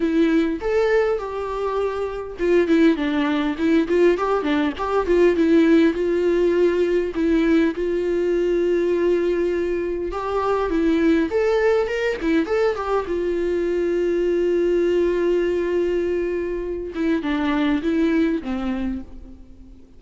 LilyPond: \new Staff \with { instrumentName = "viola" } { \time 4/4 \tempo 4 = 101 e'4 a'4 g'2 | f'8 e'8 d'4 e'8 f'8 g'8 d'8 | g'8 f'8 e'4 f'2 | e'4 f'2.~ |
f'4 g'4 e'4 a'4 | ais'8 e'8 a'8 g'8 f'2~ | f'1~ | f'8 e'8 d'4 e'4 c'4 | }